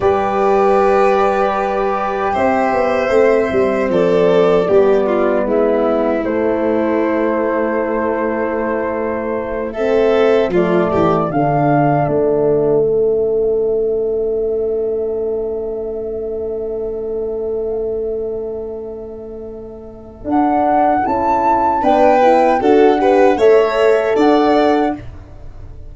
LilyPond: <<
  \new Staff \with { instrumentName = "flute" } { \time 4/4 \tempo 4 = 77 d''2. e''4~ | e''4 d''2 e''4 | c''1~ | c''8 e''4 d''4 f''4 e''8~ |
e''1~ | e''1~ | e''2 fis''4 a''4 | g''4 fis''4 e''4 fis''4 | }
  \new Staff \with { instrumentName = "violin" } { \time 4/4 b'2. c''4~ | c''4 a'4 g'8 f'8 e'4~ | e'1~ | e'8 a'4 f'8 g'8 a'4.~ |
a'1~ | a'1~ | a'1 | b'4 a'8 b'8 cis''4 d''4 | }
  \new Staff \with { instrumentName = "horn" } { \time 4/4 g'1 | c'2 b2 | a1~ | a8 c'4 a4 d'4.~ |
d'8 cis'2.~ cis'8~ | cis'1~ | cis'2 d'4 e'4 | d'8 e'8 fis'8 g'8 a'2 | }
  \new Staff \with { instrumentName = "tuba" } { \time 4/4 g2. c'8 b8 | a8 g8 f4 g4 gis4 | a1~ | a4. f8 e8 d4 a8~ |
a1~ | a1~ | a2 d'4 cis'4 | b4 d'4 a4 d'4 | }
>>